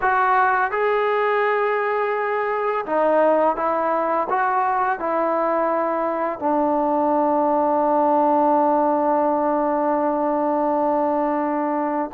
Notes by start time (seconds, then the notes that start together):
0.01 F#4
0.71 G#4
2.85 D#4
3.56 E4
4.29 F#4
4.99 E4
6.39 D4